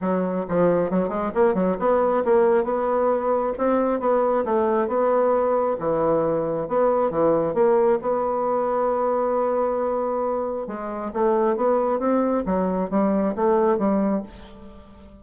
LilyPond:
\new Staff \with { instrumentName = "bassoon" } { \time 4/4 \tempo 4 = 135 fis4 f4 fis8 gis8 ais8 fis8 | b4 ais4 b2 | c'4 b4 a4 b4~ | b4 e2 b4 |
e4 ais4 b2~ | b1 | gis4 a4 b4 c'4 | fis4 g4 a4 g4 | }